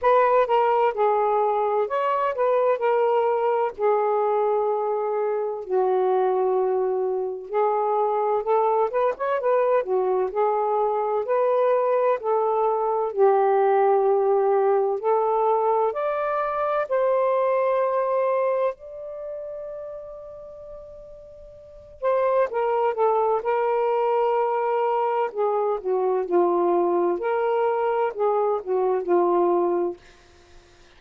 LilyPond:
\new Staff \with { instrumentName = "saxophone" } { \time 4/4 \tempo 4 = 64 b'8 ais'8 gis'4 cis''8 b'8 ais'4 | gis'2 fis'2 | gis'4 a'8 b'16 cis''16 b'8 fis'8 gis'4 | b'4 a'4 g'2 |
a'4 d''4 c''2 | d''2.~ d''8 c''8 | ais'8 a'8 ais'2 gis'8 fis'8 | f'4 ais'4 gis'8 fis'8 f'4 | }